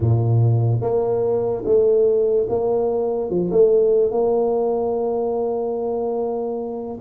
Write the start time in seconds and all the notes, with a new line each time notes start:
0.00 A#2
0.81 A#3
1.65 A3
2.49 A#3
3.30 F3
3.51 A3
4.11 A#3